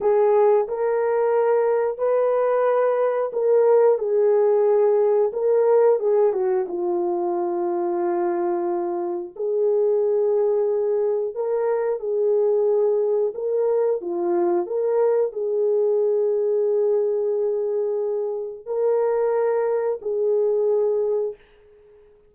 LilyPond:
\new Staff \with { instrumentName = "horn" } { \time 4/4 \tempo 4 = 90 gis'4 ais'2 b'4~ | b'4 ais'4 gis'2 | ais'4 gis'8 fis'8 f'2~ | f'2 gis'2~ |
gis'4 ais'4 gis'2 | ais'4 f'4 ais'4 gis'4~ | gis'1 | ais'2 gis'2 | }